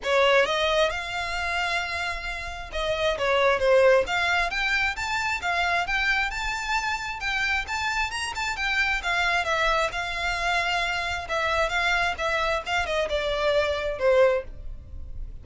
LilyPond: \new Staff \with { instrumentName = "violin" } { \time 4/4 \tempo 4 = 133 cis''4 dis''4 f''2~ | f''2 dis''4 cis''4 | c''4 f''4 g''4 a''4 | f''4 g''4 a''2 |
g''4 a''4 ais''8 a''8 g''4 | f''4 e''4 f''2~ | f''4 e''4 f''4 e''4 | f''8 dis''8 d''2 c''4 | }